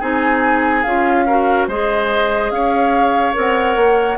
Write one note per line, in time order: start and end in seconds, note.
0.00 0.85 C4
0.00 0.84 D#4
0.00 1.25 G#4
0.00 0.83 G#5
0.83 1.68 C#4
0.83 1.28 F4
0.83 1.66 F5
1.27 1.70 F#4
1.27 1.68 A#4
1.68 2.51 G#3
1.68 3.34 G#4
1.68 2.52 C5
1.68 2.51 D#5
2.51 3.34 C#4
2.51 4.18 C#5
2.51 3.35 F5
3.34 3.77 C4
3.34 4.17 A#4
3.40 4.18 F#5
3.77 4.18 A#3